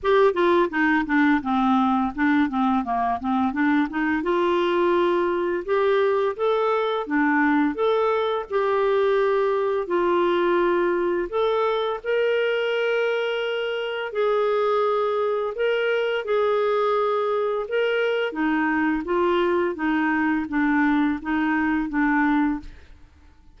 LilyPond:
\new Staff \with { instrumentName = "clarinet" } { \time 4/4 \tempo 4 = 85 g'8 f'8 dis'8 d'8 c'4 d'8 c'8 | ais8 c'8 d'8 dis'8 f'2 | g'4 a'4 d'4 a'4 | g'2 f'2 |
a'4 ais'2. | gis'2 ais'4 gis'4~ | gis'4 ais'4 dis'4 f'4 | dis'4 d'4 dis'4 d'4 | }